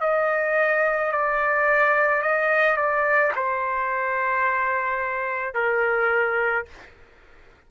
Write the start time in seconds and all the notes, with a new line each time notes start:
0.00 D#5
1.11 D5
2.22 D#5
2.76 D5
3.35 C5
5.54 A#4